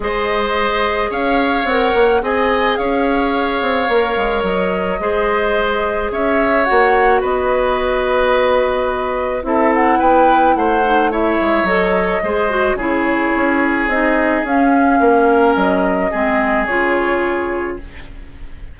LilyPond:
<<
  \new Staff \with { instrumentName = "flute" } { \time 4/4 \tempo 4 = 108 dis''2 f''4 fis''4 | gis''4 f''2. | dis''2. e''4 | fis''4 dis''2.~ |
dis''4 e''8 fis''8 g''4 fis''4 | e''4 dis''2 cis''4~ | cis''4 dis''4 f''2 | dis''2 cis''2 | }
  \new Staff \with { instrumentName = "oboe" } { \time 4/4 c''2 cis''2 | dis''4 cis''2.~ | cis''4 c''2 cis''4~ | cis''4 b'2.~ |
b'4 a'4 b'4 c''4 | cis''2 c''4 gis'4~ | gis'2. ais'4~ | ais'4 gis'2. | }
  \new Staff \with { instrumentName = "clarinet" } { \time 4/4 gis'2. ais'4 | gis'2. ais'4~ | ais'4 gis'2. | fis'1~ |
fis'4 e'2~ e'8 dis'8 | e'4 a'4 gis'8 fis'8 e'4~ | e'4 dis'4 cis'2~ | cis'4 c'4 f'2 | }
  \new Staff \with { instrumentName = "bassoon" } { \time 4/4 gis2 cis'4 c'8 ais8 | c'4 cis'4. c'8 ais8 gis8 | fis4 gis2 cis'4 | ais4 b2.~ |
b4 c'4 b4 a4~ | a8 gis8 fis4 gis4 cis4 | cis'4 c'4 cis'4 ais4 | fis4 gis4 cis2 | }
>>